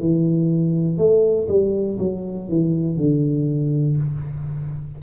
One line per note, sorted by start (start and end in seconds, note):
0.00 0.98 E3
0.98 1.48 A3
1.48 1.98 G3
1.99 2.49 F#3
2.49 2.96 E3
2.96 3.96 D3